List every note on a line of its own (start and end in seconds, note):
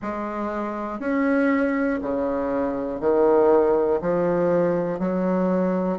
0.01 0.99 G#3
0.99 1.99 C#4
2.02 3.00 C#3
3.00 4.00 D#3
4.01 4.99 F3
4.99 5.98 F#3